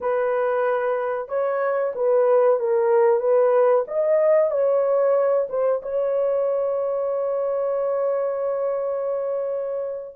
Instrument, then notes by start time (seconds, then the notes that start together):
horn
0.00 B4
1.28 C#5
1.95 B4
2.59 A#4
3.19 B4
3.87 D#5
4.50 C#5
5.49 C5
5.82 C#5